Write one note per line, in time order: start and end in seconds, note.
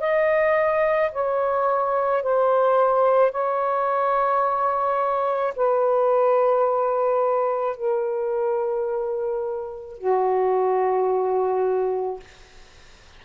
0.00 1.11 D#5
1.12 2.23 C#5
2.23 3.31 C5
3.31 5.54 C#5
5.56 7.76 B4
7.76 9.97 A#4
9.97 12.20 F#4